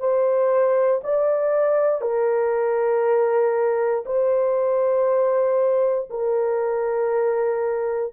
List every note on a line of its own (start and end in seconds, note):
0.00 1.02 C5
1.04 2.02 D5
2.02 4.05 A#4
4.06 6.09 C5
6.10 8.14 A#4